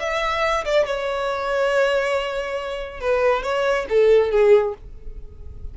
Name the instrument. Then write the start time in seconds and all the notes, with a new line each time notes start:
violin
0.00 E5
0.65 D5
0.86 C#5
3.00 B4
3.43 C#5
3.89 A4
4.31 G#4